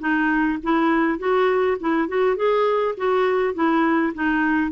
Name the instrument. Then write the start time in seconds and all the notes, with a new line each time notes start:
clarinet
0.00 D#4
0.63 E4
1.19 F#4
1.80 E4
2.08 F#4
2.36 G#4
2.97 F#4
3.54 E4
4.14 D#4